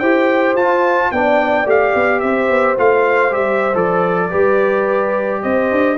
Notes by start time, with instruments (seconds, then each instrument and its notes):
0.00 tuba E4, trombone G4, horn C5, trumpet G5
0.55 tuba F4, trombone F4, trumpet A5
1.12 tuba B3, trombone D4, horn D5, trumpet G5
1.66 tuba A3, trombone G4, trumpet F5
1.95 tuba B3
2.20 tuba C4, horn C5, trumpet E5
2.50 tuba B3
2.78 tuba A3, trombone F4, trumpet F5
3.31 tuba G3, trombone G4, trumpet E5
3.75 tuba F3, trombone A4, trumpet D5
4.30 tuba G3, trombone G4, horn B4
5.43 tuba C4, horn C5, trumpet D#5
5.72 tuba D4